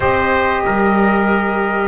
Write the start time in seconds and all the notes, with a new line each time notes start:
0.00 C4 G4 C5 D#5
0.65 G3 A#4